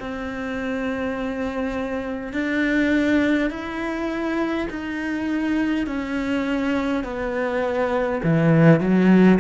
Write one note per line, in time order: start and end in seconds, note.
0.00 2.33 C4
2.33 3.50 D4
3.50 4.68 E4
4.71 5.87 D#4
5.87 7.04 C#4
7.04 8.21 B3
8.24 8.80 E3
8.80 9.39 F#3